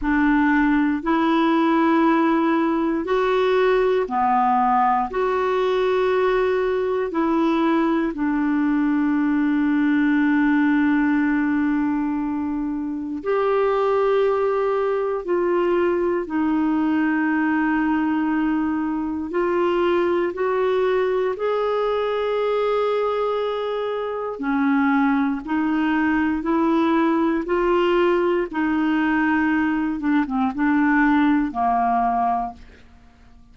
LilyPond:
\new Staff \with { instrumentName = "clarinet" } { \time 4/4 \tempo 4 = 59 d'4 e'2 fis'4 | b4 fis'2 e'4 | d'1~ | d'4 g'2 f'4 |
dis'2. f'4 | fis'4 gis'2. | cis'4 dis'4 e'4 f'4 | dis'4. d'16 c'16 d'4 ais4 | }